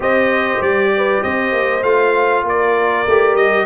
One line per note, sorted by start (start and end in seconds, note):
0.00 0.59 C4
0.00 1.81 G4
0.00 0.92 C5
0.00 0.61 D#5
0.61 1.22 G3
0.61 1.22 D5
0.96 1.22 B4
1.22 1.52 C4
1.22 2.44 C5
1.22 1.83 D#5
1.52 1.83 A#3
1.83 2.44 A3
1.83 3.06 F4
1.83 2.44 F5
2.44 3.05 A#3
2.44 3.65 A#4
2.44 3.36 D5
3.06 3.35 A3
3.06 3.65 G4
3.35 3.65 G3
3.35 3.65 D#5